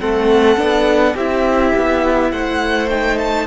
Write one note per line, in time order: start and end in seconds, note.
0.00 0.57 A3
0.00 0.57 C4
0.00 1.14 A4
0.00 1.16 F#5
0.57 1.14 B3
0.57 1.15 D4
1.14 1.73 C4
1.14 2.90 E4
1.14 2.29 G4
1.14 2.31 E5
1.75 2.32 B3
2.31 3.47 A3
2.31 3.47 C5
2.31 2.89 F#5
2.90 3.47 D#4
2.90 3.18 G5
3.18 3.47 A5